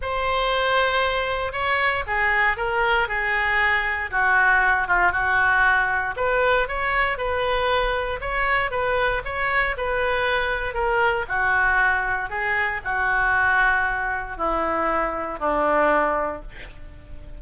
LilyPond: \new Staff \with { instrumentName = "oboe" } { \time 4/4 \tempo 4 = 117 c''2. cis''4 | gis'4 ais'4 gis'2 | fis'4. f'8 fis'2 | b'4 cis''4 b'2 |
cis''4 b'4 cis''4 b'4~ | b'4 ais'4 fis'2 | gis'4 fis'2. | e'2 d'2 | }